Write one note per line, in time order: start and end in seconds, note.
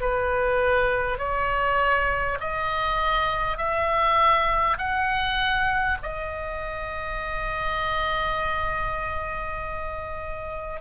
0.00 1.18 B4
1.18 2.38 C#5
2.40 3.57 D#5
3.57 4.77 E5
4.78 5.98 F#5
6.03 10.81 D#5